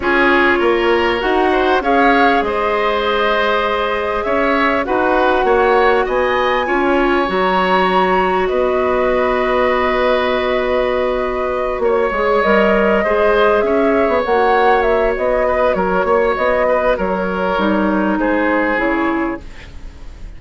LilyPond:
<<
  \new Staff \with { instrumentName = "flute" } { \time 4/4 \tempo 4 = 99 cis''2 fis''4 f''4 | dis''2. e''4 | fis''2 gis''2 | ais''2 dis''2~ |
dis''2.~ dis''8 cis''8~ | cis''8 dis''2 e''4 fis''8~ | fis''8 e''8 dis''4 cis''4 dis''4 | cis''2 c''4 cis''4 | }
  \new Staff \with { instrumentName = "oboe" } { \time 4/4 gis'4 ais'4. c''8 cis''4 | c''2. cis''4 | b'4 cis''4 dis''4 cis''4~ | cis''2 b'2~ |
b'2.~ b'8 cis''8~ | cis''4. c''4 cis''4.~ | cis''4. b'8 ais'8 cis''4 b'8 | ais'2 gis'2 | }
  \new Staff \with { instrumentName = "clarinet" } { \time 4/4 f'2 fis'4 gis'4~ | gis'1 | fis'2. f'4 | fis'1~ |
fis'1 | gis'8 ais'4 gis'2 fis'8~ | fis'1~ | fis'4 dis'2 e'4 | }
  \new Staff \with { instrumentName = "bassoon" } { \time 4/4 cis'4 ais4 dis'4 cis'4 | gis2. cis'4 | dis'4 ais4 b4 cis'4 | fis2 b2~ |
b2.~ b8 ais8 | gis8 g4 gis4 cis'8. b16 ais8~ | ais4 b4 fis8 ais8 b4 | fis4 g4 gis4 cis4 | }
>>